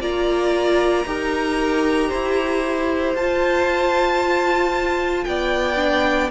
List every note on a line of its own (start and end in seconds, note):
0.00 1.05 A#3
0.00 1.06 F4
0.00 1.06 D5
0.00 3.17 A#5
1.06 2.11 D#4
1.06 3.17 G4
1.06 2.09 A#4
2.09 3.15 E4
2.09 5.25 C5
3.15 5.26 F4
3.15 5.76 F4
3.15 5.25 A5
5.25 6.31 B3
5.25 6.31 D5
5.25 6.30 G5
5.76 6.29 D4